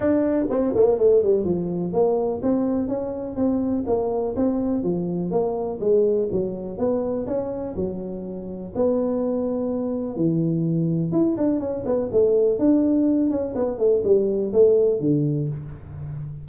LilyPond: \new Staff \with { instrumentName = "tuba" } { \time 4/4 \tempo 4 = 124 d'4 c'8 ais8 a8 g8 f4 | ais4 c'4 cis'4 c'4 | ais4 c'4 f4 ais4 | gis4 fis4 b4 cis'4 |
fis2 b2~ | b4 e2 e'8 d'8 | cis'8 b8 a4 d'4. cis'8 | b8 a8 g4 a4 d4 | }